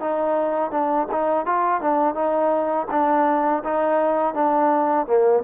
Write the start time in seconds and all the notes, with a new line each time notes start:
0.00 D#4
0.71 D4
1.11 D#4
1.46 F4
1.81 D4
2.15 D#4
2.90 D4
3.64 D#4
4.34 D4
5.06 A#3